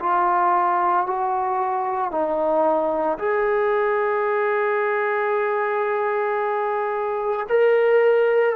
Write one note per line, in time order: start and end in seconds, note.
0.00 1.07 F4
1.07 2.11 F#4
2.11 3.19 D#4
3.19 7.48 G#4
7.50 8.56 A#4